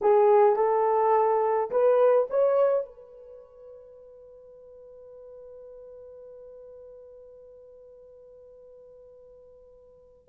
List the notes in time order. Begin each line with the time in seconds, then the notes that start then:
0.01 G#4
0.56 A4
1.70 B4
2.29 C#5
2.85 B4